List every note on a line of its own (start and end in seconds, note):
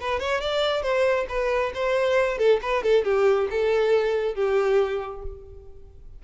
0.00 0.19 B4
0.19 0.41 C#5
0.41 0.82 D5
0.82 1.26 C5
1.28 1.72 B4
1.74 2.38 C5
2.38 2.60 A4
2.62 2.83 B4
2.83 3.04 A4
3.04 3.48 G4
3.50 4.34 A4
4.34 5.22 G4